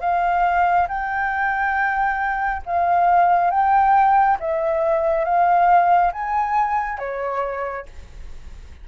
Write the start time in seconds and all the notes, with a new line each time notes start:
0.00 F5
0.88 G5
2.66 F5
3.50 G5
4.40 E5
5.25 F5
6.12 G#5
6.98 C#5